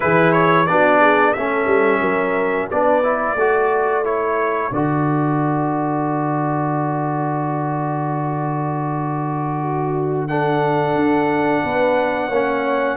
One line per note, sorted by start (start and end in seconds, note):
0.00 0.69 E3
0.00 0.66 E4
0.00 0.69 G#4
0.00 0.32 B4
0.32 0.66 C#5
0.66 1.36 B3
0.66 1.36 D4
0.66 1.00 F#4
0.66 1.33 D5
1.00 1.34 G#4
1.33 1.66 A3
1.33 2.71 C#4
1.33 2.00 A4
1.33 2.68 E5
1.66 2.00 G3
2.00 2.68 F#3
2.00 2.68 A#4
2.70 3.35 B3
2.70 3.03 D4
2.70 3.37 B4
2.70 4.05 D5
3.03 3.36 E4
3.35 4.70 A3
3.35 4.04 F#4
3.35 9.60 A4
4.04 4.71 E4
4.04 4.72 C#5
4.71 10.95 D3
4.71 10.29 F#4
4.71 10.27 D5
9.60 10.27 F#4
10.27 12.31 D4
10.27 11.63 A4
10.27 12.96 F#5
10.95 11.62 D4
11.63 12.29 B3
11.63 12.27 B4
12.27 12.96 A#3
12.27 12.94 C#5
12.33 12.96 C#4